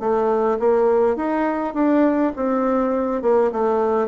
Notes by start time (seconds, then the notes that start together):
0.00 A3
0.60 A#3
1.17 D#4
1.74 D4
2.36 C4
3.23 A#3
3.52 A3